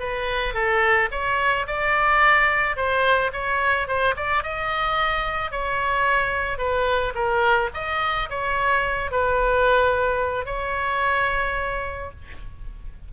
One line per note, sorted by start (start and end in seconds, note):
0.00 0.55 B4
0.55 1.10 A4
1.12 1.67 C#5
1.67 2.77 D5
2.77 3.32 C5
3.33 3.88 C#5
3.88 4.15 C5
4.17 4.44 D5
4.44 5.51 D#5
5.51 6.59 C#5
6.59 7.14 B4
7.15 7.70 A#4
7.75 8.30 D#5
8.30 9.12 C#5
9.12 10.46 B4
10.46 12.11 C#5